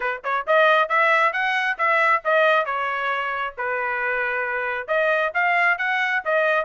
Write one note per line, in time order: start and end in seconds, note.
0.00 0.21 B4
0.24 0.46 C#5
0.46 0.88 D#5
0.88 1.32 E5
1.32 1.77 F#5
1.78 2.22 E5
2.24 2.65 D#5
2.65 3.54 C#5
3.57 4.87 B4
4.87 5.32 D#5
5.34 5.78 F5
5.78 6.22 F#5
6.24 6.65 D#5